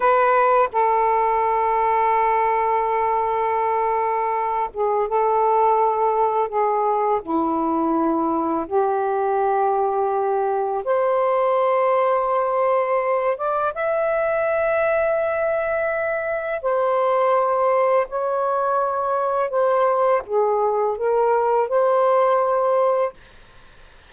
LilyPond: \new Staff \with { instrumentName = "saxophone" } { \time 4/4 \tempo 4 = 83 b'4 a'2.~ | a'2~ a'8 gis'8 a'4~ | a'4 gis'4 e'2 | g'2. c''4~ |
c''2~ c''8 d''8 e''4~ | e''2. c''4~ | c''4 cis''2 c''4 | gis'4 ais'4 c''2 | }